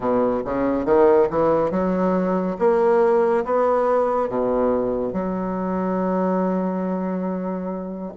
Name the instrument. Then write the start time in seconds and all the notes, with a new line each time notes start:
bassoon
0.00 B2
0.44 C#3
0.85 D#3
1.30 E3
1.71 F#3
2.58 A#3
3.44 B3
4.29 B2
5.12 F#3